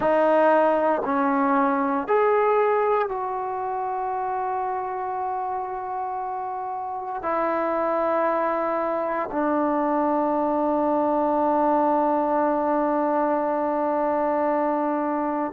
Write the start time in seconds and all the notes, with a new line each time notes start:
0.00 D#4
1.04 C#4
2.07 G#4
3.08 F#4
7.22 E4
9.31 D4